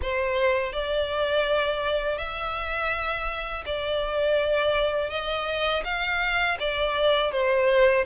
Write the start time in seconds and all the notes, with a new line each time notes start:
0.02 C5
0.73 D5
2.18 E5
3.66 D5
5.10 D#5
5.84 F5
6.59 D5
7.31 C5